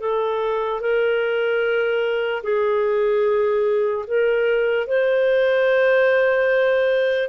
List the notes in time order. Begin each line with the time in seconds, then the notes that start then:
0.00 A4
0.80 A#4
2.43 G#4
4.07 A#4
4.86 C5